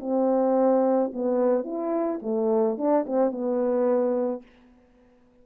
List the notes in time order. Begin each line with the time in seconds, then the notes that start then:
0.00 C4
1.13 B3
1.64 E4
2.22 A3
2.77 D4
3.06 C4
3.31 B3